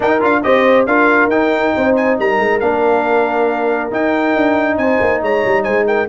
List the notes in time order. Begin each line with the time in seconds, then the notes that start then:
0.00 D#4 A#4 G5
0.20 D4 F4 F5
0.42 C4 G4 C5 D#5
0.85 D4 F4 A#4 F5
1.27 D#4 G5
1.76 C4 C5
1.96 G#5
2.18 G3 A#4 A#5
2.39 G#3
2.60 A#3 D4 F5
3.91 D#4 G5
4.35 D4
4.77 C4 C5 G#5
5.01 A#3
5.22 G#3 C#5 A#5
5.45 G3
5.63 G#3 C5 G#5
5.87 A#4 G5